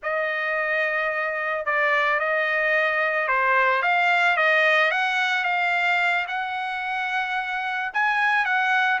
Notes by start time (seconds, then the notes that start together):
0.02 D#5
1.65 D5
2.19 D#5
3.28 C5
3.82 F5
4.36 D#5
4.91 F#5
5.43 F5
6.27 F#5
7.93 G#5
8.45 F#5